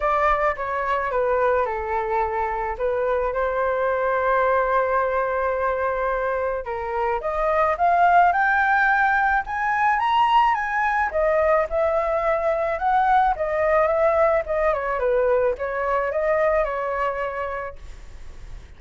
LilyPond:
\new Staff \with { instrumentName = "flute" } { \time 4/4 \tempo 4 = 108 d''4 cis''4 b'4 a'4~ | a'4 b'4 c''2~ | c''1 | ais'4 dis''4 f''4 g''4~ |
g''4 gis''4 ais''4 gis''4 | dis''4 e''2 fis''4 | dis''4 e''4 dis''8 cis''8 b'4 | cis''4 dis''4 cis''2 | }